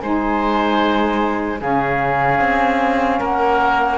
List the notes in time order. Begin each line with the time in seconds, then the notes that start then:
0.00 G#3 D#4 C5 G#5
1.59 C#3 C#4 G#4 F5
2.40 C4
3.20 A#3 A#4 F#5